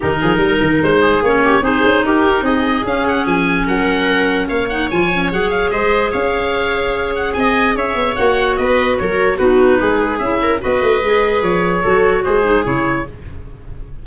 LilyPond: <<
  \new Staff \with { instrumentName = "oboe" } { \time 4/4 \tempo 4 = 147 ais'2 c''4 cis''4 | c''4 ais'4 dis''4 f''8 fis''8 | gis''4 fis''2 f''8 fis''8 | gis''4 fis''8 f''8 dis''4 f''4~ |
f''4. fis''8 gis''4 e''4 | fis''4 dis''4 cis''4 b'4~ | b'4 e''4 dis''2 | cis''2 c''4 cis''4 | }
  \new Staff \with { instrumentName = "viola" } { \time 4/4 g'8 gis'8 ais'4. gis'4 g'8 | gis'4 g'4 gis'2~ | gis'4 ais'2 cis''4~ | cis''2 c''4 cis''4~ |
cis''2 dis''4 cis''4~ | cis''4 b'4 ais'4 fis'4 | gis'4. ais'8 b'2~ | b'4 a'4 gis'2 | }
  \new Staff \with { instrumentName = "clarinet" } { \time 4/4 dis'2. cis'4 | dis'2. cis'4~ | cis'2.~ cis'8 dis'8 | f'8 cis'8 gis'2.~ |
gis'1 | fis'2. dis'4~ | dis'4 e'4 fis'4 gis'4~ | gis'4 fis'4. dis'8 e'4 | }
  \new Staff \with { instrumentName = "tuba" } { \time 4/4 dis8 f8 g8 dis8 gis4 ais4 | c'8 cis'8 dis'4 c'4 cis'4 | f4 fis2 ais4 | f4 fis4 gis4 cis'4~ |
cis'2 c'4 cis'8 b8 | ais4 b4 fis4 b4 | gis4 cis'4 b8 a8 gis4 | f4 fis4 gis4 cis4 | }
>>